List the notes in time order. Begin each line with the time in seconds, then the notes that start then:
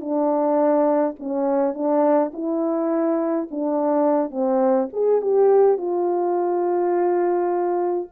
0.00 D4
1.19 C#4
1.74 D4
2.33 E4
3.51 D4
4.31 C4
4.92 G#4
5.21 G4
5.77 F4